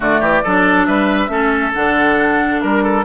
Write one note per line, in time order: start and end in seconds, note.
0.00 0.20 D3
0.00 0.42 A3
0.00 0.20 F#4
0.00 0.85 D5
0.20 0.42 E3
0.20 0.42 G4
0.43 0.87 F#3
0.43 1.28 D4
0.43 0.87 A4
0.85 1.28 G3
0.85 1.30 B4
0.85 1.72 E5
1.28 1.71 A3
1.28 1.72 C#4
1.28 2.61 A4
1.73 2.62 D3
1.73 3.04 D4
1.73 2.60 F#5
2.60 3.04 G3
2.60 3.04 A#4
2.60 2.83 A#4
2.83 3.04 A4